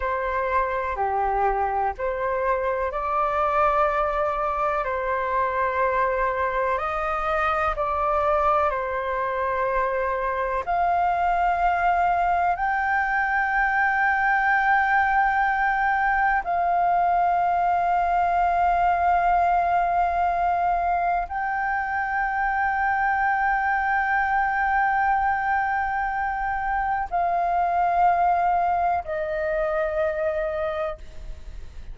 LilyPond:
\new Staff \with { instrumentName = "flute" } { \time 4/4 \tempo 4 = 62 c''4 g'4 c''4 d''4~ | d''4 c''2 dis''4 | d''4 c''2 f''4~ | f''4 g''2.~ |
g''4 f''2.~ | f''2 g''2~ | g''1 | f''2 dis''2 | }